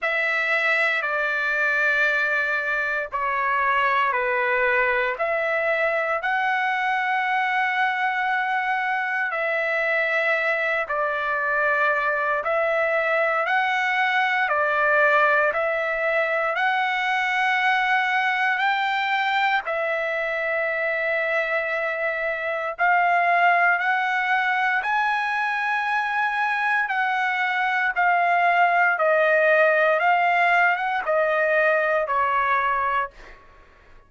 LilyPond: \new Staff \with { instrumentName = "trumpet" } { \time 4/4 \tempo 4 = 58 e''4 d''2 cis''4 | b'4 e''4 fis''2~ | fis''4 e''4. d''4. | e''4 fis''4 d''4 e''4 |
fis''2 g''4 e''4~ | e''2 f''4 fis''4 | gis''2 fis''4 f''4 | dis''4 f''8. fis''16 dis''4 cis''4 | }